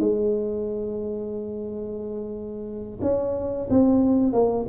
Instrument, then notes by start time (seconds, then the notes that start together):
tuba
0.00 G#3
3.02 C#4
3.71 C4
4.33 A#3